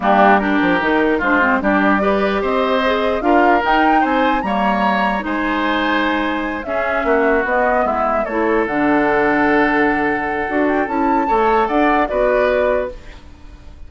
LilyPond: <<
  \new Staff \with { instrumentName = "flute" } { \time 4/4 \tempo 4 = 149 g'4 ais'2 c''4 | d''2 dis''2 | f''4 g''4 gis''4 ais''4~ | ais''4 gis''2.~ |
gis''8 e''2 dis''4 e''8~ | e''8 cis''4 fis''2~ fis''8~ | fis''2~ fis''8 g''8 a''4~ | a''4 fis''4 d''2 | }
  \new Staff \with { instrumentName = "oboe" } { \time 4/4 d'4 g'2 f'4 | g'4 b'4 c''2 | ais'2 c''4 cis''4~ | cis''4 c''2.~ |
c''8 gis'4 fis'2 e'8~ | e'8 a'2.~ a'8~ | a'1 | cis''4 d''4 b'2 | }
  \new Staff \with { instrumentName = "clarinet" } { \time 4/4 ais4 d'4 dis'4 d'8 c'8 | d'4 g'2 gis'4 | f'4 dis'2 ais4~ | ais4 dis'2.~ |
dis'8 cis'2 b4.~ | b8 e'4 d'2~ d'8~ | d'2 fis'4 e'4 | a'2 fis'2 | }
  \new Staff \with { instrumentName = "bassoon" } { \time 4/4 g4. f8 dis4 gis4 | g2 c'2 | d'4 dis'4 c'4 g4~ | g4 gis2.~ |
gis8 cis'4 ais4 b4 gis8~ | gis8 a4 d2~ d8~ | d2 d'4 cis'4 | a4 d'4 b2 | }
>>